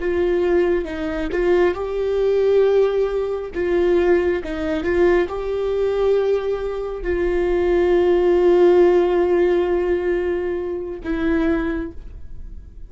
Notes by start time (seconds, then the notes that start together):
0.00 F4
0.85 D#4
1.32 F4
1.74 G4
3.55 F4
4.44 D#4
4.84 F4
5.28 G4
7.03 F4
11.04 E4